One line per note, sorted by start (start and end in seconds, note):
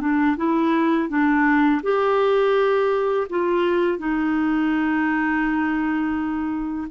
0.00 0.36 D4
0.36 1.09 E4
1.09 1.81 D4
1.82 3.27 G4
3.29 3.98 F4
3.98 6.87 D#4